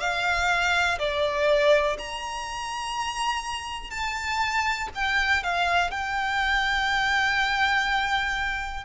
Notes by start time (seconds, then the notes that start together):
0.00 F5
0.99 D5
1.98 A#5
3.90 A5
4.94 G5
5.43 F5
5.91 G5